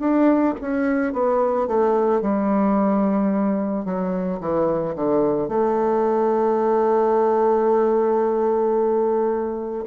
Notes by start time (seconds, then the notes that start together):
0.00 D4
0.61 C#4
1.13 B3
1.67 A3
2.21 G3
3.85 F#3
4.40 E3
4.95 D3
5.48 A3